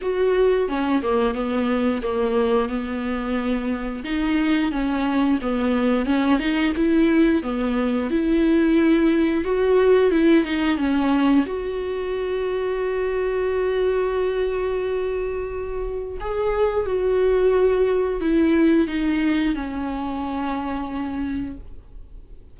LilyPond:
\new Staff \with { instrumentName = "viola" } { \time 4/4 \tempo 4 = 89 fis'4 cis'8 ais8 b4 ais4 | b2 dis'4 cis'4 | b4 cis'8 dis'8 e'4 b4 | e'2 fis'4 e'8 dis'8 |
cis'4 fis'2.~ | fis'1 | gis'4 fis'2 e'4 | dis'4 cis'2. | }